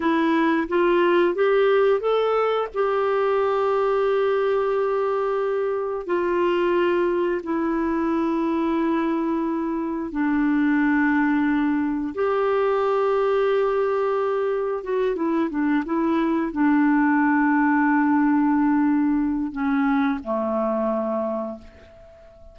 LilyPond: \new Staff \with { instrumentName = "clarinet" } { \time 4/4 \tempo 4 = 89 e'4 f'4 g'4 a'4 | g'1~ | g'4 f'2 e'4~ | e'2. d'4~ |
d'2 g'2~ | g'2 fis'8 e'8 d'8 e'8~ | e'8 d'2.~ d'8~ | d'4 cis'4 a2 | }